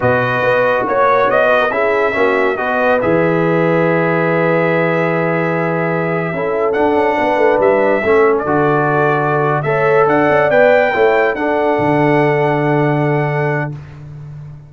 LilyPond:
<<
  \new Staff \with { instrumentName = "trumpet" } { \time 4/4 \tempo 4 = 140 dis''2 cis''4 dis''4 | e''2 dis''4 e''4~ | e''1~ | e''2.~ e''8. fis''16~ |
fis''4.~ fis''16 e''4.~ e''16 d''8~ | d''2~ d''8 e''4 fis''8~ | fis''8 g''2 fis''4.~ | fis''1 | }
  \new Staff \with { instrumentName = "horn" } { \time 4/4 b'2 cis''4. b'16 ais'16 | gis'4 fis'4 b'2~ | b'1~ | b'2~ b'8. a'4~ a'16~ |
a'8. b'2 a'4~ a'16~ | a'2~ a'8 cis''4 d''8~ | d''4. cis''4 a'4.~ | a'1 | }
  \new Staff \with { instrumentName = "trombone" } { \time 4/4 fis'1 | e'4 cis'4 fis'4 gis'4~ | gis'1~ | gis'2~ gis'8. e'4 d'16~ |
d'2~ d'8. cis'4 fis'16~ | fis'2~ fis'8 a'4.~ | a'8 b'4 e'4 d'4.~ | d'1 | }
  \new Staff \with { instrumentName = "tuba" } { \time 4/4 b,4 b4 ais4 b4 | cis'4 ais4 b4 e4~ | e1~ | e2~ e8. cis'4 d'16~ |
d'16 cis'8 b8 a8 g4 a4 d16~ | d2~ d8 a4 d'8 | cis'8 b4 a4 d'4 d8~ | d1 | }
>>